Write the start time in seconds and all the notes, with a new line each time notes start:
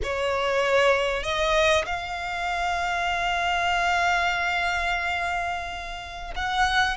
0.03 C#5
1.23 D#5
1.85 F5
6.35 F#5